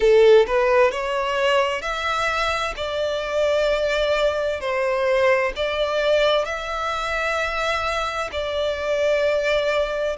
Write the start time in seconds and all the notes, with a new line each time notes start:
0.00 A4
0.47 B4
0.91 C#5
1.81 E5
2.76 D5
4.60 C5
5.56 D5
6.45 E5
8.32 D5